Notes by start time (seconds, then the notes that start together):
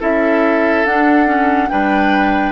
0.00 C#4 E4 A4 E5
0.85 D4 F#5
1.26 C#4
1.69 G3 D4 B4 G5